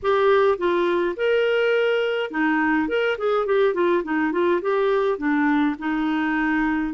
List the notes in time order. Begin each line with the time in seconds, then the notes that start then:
0.02 G4
0.58 F4
1.16 A#4
2.31 D#4
2.88 A#4
3.17 G#4
3.45 G4
3.74 F4
4.03 D#4
4.32 F4
4.61 G4
5.18 D4
5.78 D#4